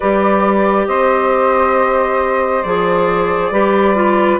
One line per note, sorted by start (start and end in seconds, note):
0.00 0.87 G3
0.00 2.65 G4
0.00 0.87 B4
0.00 0.87 D5
0.87 2.63 C4
0.87 3.52 C5
0.87 2.62 D#5
2.62 3.51 F3
2.62 3.53 G#4
2.62 4.39 D5
3.51 4.39 G3
3.51 3.95 G4
3.51 4.39 B4
3.95 4.39 F4